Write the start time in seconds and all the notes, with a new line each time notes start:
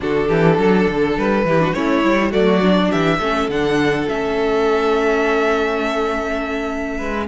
0.00 D3 D4 F#4 A4
0.28 E3 G4
0.58 F#3 A4
0.87 D3
1.17 G3 B4
1.44 E3 E4 G4
1.59 D4 F#4
1.73 A3 C#4 E4 C#5
2.04 G3 E4
2.30 F#3 A3 F#4 D5
2.62 D4
2.91 E3 G4 E5
3.19 A3 C#4 A4
3.48 D3 D4 F#5
4.08 A3 C#4 E5
6.97 G#3 B4